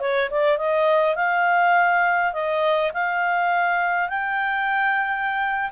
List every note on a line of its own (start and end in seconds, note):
0.00 0.29 C#5
0.30 0.57 D5
0.57 1.15 D#5
1.15 2.33 F5
2.33 2.92 D#5
2.94 4.09 F5
4.09 5.71 G5